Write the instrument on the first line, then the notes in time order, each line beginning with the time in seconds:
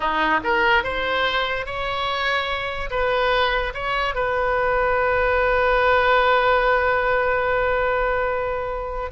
oboe
0.00 D#4
0.43 A#4
0.83 C5
1.66 C#5
2.90 B4
3.74 C#5
4.14 B4